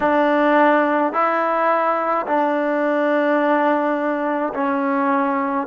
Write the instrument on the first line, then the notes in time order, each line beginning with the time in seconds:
trombone
0.00 D4
1.12 E4
2.26 D4
4.53 C#4